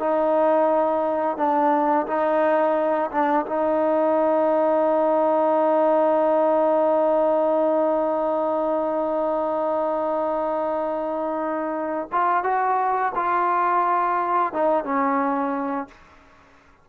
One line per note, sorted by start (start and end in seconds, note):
0.00 1.38 D#4
1.38 2.07 D4
2.08 3.11 D#4
3.12 3.46 D4
3.47 12.09 D#4
12.13 12.44 F4
12.44 13.13 F#4
13.16 14.54 F4
14.54 14.85 D#4
14.85 15.88 C#4